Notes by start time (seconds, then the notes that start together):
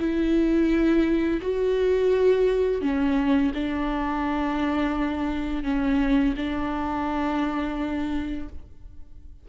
0.00 E4
1.42 F#4
2.82 C#4
3.55 D4
5.64 C#4
6.37 D4